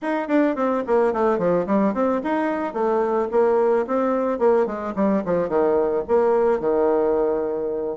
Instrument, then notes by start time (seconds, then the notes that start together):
bassoon
0.02 D#4
0.28 D4
0.55 C4
0.86 A#3
1.13 A3
1.38 F3
1.66 G3
1.93 C4
2.23 D#4
2.73 A3
3.31 A#3
3.86 C4
4.39 A#3
4.66 G#3
4.95 G3
5.25 F3
5.48 D#3
6.08 A#3
6.60 D#3